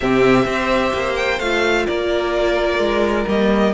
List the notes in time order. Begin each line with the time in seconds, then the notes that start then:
0.00 C3 C4 G4 E5
0.45 C4 G4 C5
0.94 A#3
1.16 G5
1.39 A3 F4 F5
1.86 A#3 A#4 D5
2.78 G#3
3.27 G3 A#3 D#5